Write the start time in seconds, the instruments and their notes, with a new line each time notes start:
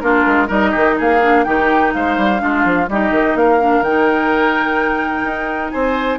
0.00 bassoon A#3, clarinet D4, oboe F4, flute A#4
0.27 bassoon G#3
0.48 bassoon G3, clarinet D#4, oboe A#4, flute D#5
0.71 bassoon D#3, oboe G4
0.98 bassoon A#3, oboe G#4, flute F5
1.23 clarinet D4
1.44 bassoon D#3, clarinet D#4, oboe G4, flute G5
1.93 bassoon G#3, oboe C5, flute F5
2.17 bassoon G3
2.38 bassoon G#3, clarinet D4, oboe F4
2.65 bassoon F3
2.88 bassoon G3, clarinet D#4, oboe G4, flute D#5
3.11 bassoon D#3
3.35 bassoon A#3, oboe A#4, flute F5
3.60 clarinet D4
3.81 bassoon D#3, clarinet D#4, flute G5
5.24 bassoon D#4
5.71 bassoon C4, oboe C5, flute G#5